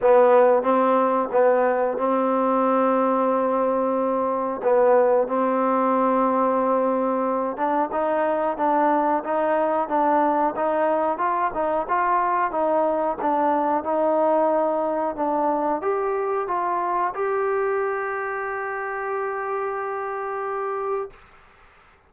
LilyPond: \new Staff \with { instrumentName = "trombone" } { \time 4/4 \tempo 4 = 91 b4 c'4 b4 c'4~ | c'2. b4 | c'2.~ c'8 d'8 | dis'4 d'4 dis'4 d'4 |
dis'4 f'8 dis'8 f'4 dis'4 | d'4 dis'2 d'4 | g'4 f'4 g'2~ | g'1 | }